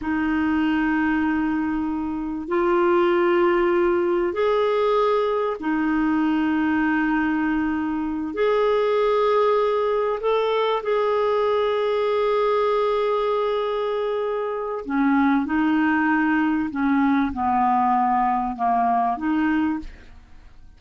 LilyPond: \new Staff \with { instrumentName = "clarinet" } { \time 4/4 \tempo 4 = 97 dis'1 | f'2. gis'4~ | gis'4 dis'2.~ | dis'4. gis'2~ gis'8~ |
gis'8 a'4 gis'2~ gis'8~ | gis'1 | cis'4 dis'2 cis'4 | b2 ais4 dis'4 | }